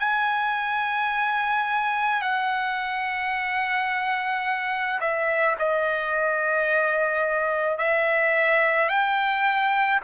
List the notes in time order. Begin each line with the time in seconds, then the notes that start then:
0.00 G#5
2.22 F#5
5.01 E5
5.59 D#5
7.78 E5
8.89 G5